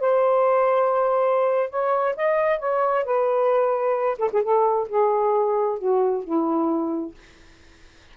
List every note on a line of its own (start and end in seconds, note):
0.00 1.70 C5
1.70 2.15 C#5
2.16 2.59 D#5
2.59 3.05 C#5
3.05 4.18 B4
4.19 4.30 A4
4.33 4.43 G#4
4.43 4.88 A4
4.89 5.79 G#4
5.79 6.24 F#4
6.24 7.15 E4